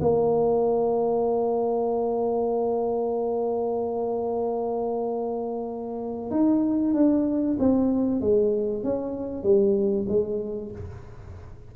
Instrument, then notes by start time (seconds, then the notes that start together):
tuba
0.00 A#3
6.30 D#4
6.94 D4
7.59 C4
8.20 G#3
8.83 C#4
9.43 G3
10.08 G#3